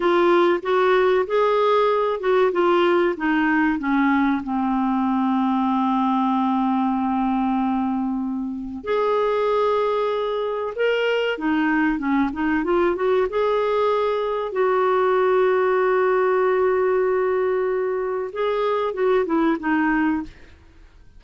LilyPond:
\new Staff \with { instrumentName = "clarinet" } { \time 4/4 \tempo 4 = 95 f'4 fis'4 gis'4. fis'8 | f'4 dis'4 cis'4 c'4~ | c'1~ | c'2 gis'2~ |
gis'4 ais'4 dis'4 cis'8 dis'8 | f'8 fis'8 gis'2 fis'4~ | fis'1~ | fis'4 gis'4 fis'8 e'8 dis'4 | }